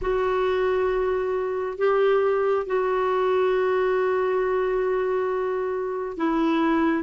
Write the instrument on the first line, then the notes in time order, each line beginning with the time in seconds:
clarinet
0.01 F#4
1.78 G4
2.66 F#4
6.17 E4